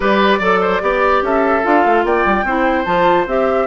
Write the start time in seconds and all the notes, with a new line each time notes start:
0.00 G3 G4 B4 D5
0.38 F#3 A4 D5
0.61 C5
0.81 B3 G4 D5
1.22 C#4 A4 E5
1.62 D4 F4 F5
1.85 A3
2.04 A#3 D5 G5
2.25 G3
2.44 C4 E4 C5
2.85 F3 F4 A5
3.26 C4 G4 E5